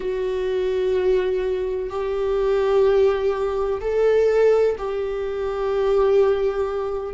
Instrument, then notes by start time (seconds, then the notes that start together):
viola
0.00 F#4
1.90 G4
3.81 A4
4.78 G4